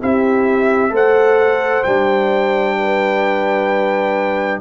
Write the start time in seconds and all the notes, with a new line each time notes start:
0.00 C4 E4 G4 E5
0.90 A3 A4 C5 F#5
1.83 G3 D4 G5
2.79 B4